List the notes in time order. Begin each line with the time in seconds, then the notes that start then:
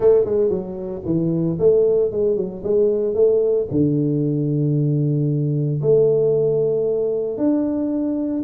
0.00 A3
0.25 G#3
0.49 F#3
1.05 E3
1.59 A3
2.11 G#3
2.36 F#3
2.63 G#3
3.14 A3
3.70 D3
5.81 A3
7.37 D4